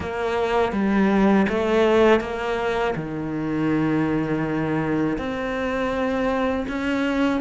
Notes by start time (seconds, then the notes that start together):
0.00 A#3
0.72 G3
1.48 A3
2.20 A#3
2.95 D#3
5.18 C4
6.68 C#4